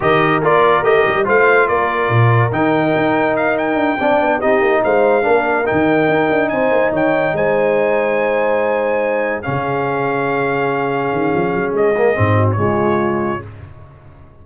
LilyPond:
<<
  \new Staff \with { instrumentName = "trumpet" } { \time 4/4 \tempo 4 = 143 dis''4 d''4 dis''4 f''4 | d''2 g''2 | f''8 g''2 dis''4 f''8~ | f''4. g''2 gis''8~ |
gis''8 g''4 gis''2~ gis''8~ | gis''2~ gis''8 f''4.~ | f''1 | dis''4.~ dis''16 cis''2~ cis''16 | }
  \new Staff \with { instrumentName = "horn" } { \time 4/4 ais'2. c''4 | ais'1~ | ais'4. d''4 g'4 c''8~ | c''8 ais'2. c''8~ |
c''8 cis''4 c''2~ c''8~ | c''2~ c''8 gis'4.~ | gis'1~ | gis'4. fis'8 f'2 | }
  \new Staff \with { instrumentName = "trombone" } { \time 4/4 g'4 f'4 g'4 f'4~ | f'2 dis'2~ | dis'4. d'4 dis'4.~ | dis'8 d'4 dis'2~ dis'8~ |
dis'1~ | dis'2~ dis'8 cis'4.~ | cis'1~ | cis'8 ais8 c'4 gis2 | }
  \new Staff \with { instrumentName = "tuba" } { \time 4/4 dis4 ais4 a8 g8 a4 | ais4 ais,4 dis4 dis'4~ | dis'4 d'8 c'8 b8 c'8 ais8 gis8~ | gis8 ais4 dis4 dis'8 d'8 c'8 |
ais8 dis4 gis2~ gis8~ | gis2~ gis8 cis4.~ | cis2~ cis8 dis8 f8 fis8 | gis4 gis,4 cis2 | }
>>